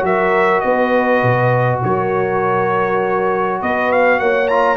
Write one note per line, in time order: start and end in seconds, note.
0.00 0.62 F#3
0.00 4.46 F#4
0.00 0.65 A#4
0.00 0.60 E5
0.60 1.23 B3
0.60 1.84 B4
0.60 1.79 D#5
1.23 1.82 B2
1.84 3.62 F#3
1.84 3.61 A#4
1.84 3.62 C#5
3.61 4.20 B3
3.61 4.20 B4
3.61 3.92 D#5
3.92 4.20 F5
4.20 4.77 A#3
4.20 4.77 C#5
4.20 4.48 F#5
4.48 4.77 F4
4.48 4.77 A#5